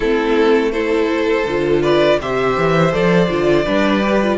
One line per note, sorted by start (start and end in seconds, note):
0.00 1.45 A3
0.00 0.73 C4
0.00 0.72 E4
0.00 0.72 A4
0.72 1.46 E4
0.72 1.82 A4
0.72 1.82 C5
1.46 2.19 D3
1.46 2.21 F4
1.82 2.19 B4
1.82 2.19 D5
2.20 2.56 C3
2.20 2.92 G4
2.20 3.64 C5
2.20 2.93 E5
2.57 2.93 E3
2.92 3.29 F3
2.92 3.28 A4
2.92 4.38 D5
3.29 3.65 D3
3.29 3.65 F4
3.64 4.38 G3
3.64 4.02 D4
3.64 4.37 B4
4.02 4.20 G4
4.22 4.38 F4